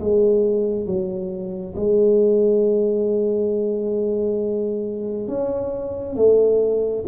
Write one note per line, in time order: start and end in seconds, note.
0.00 0.86 G#3
0.86 1.74 F#3
1.76 5.28 G#3
5.28 6.16 C#4
6.16 7.04 A3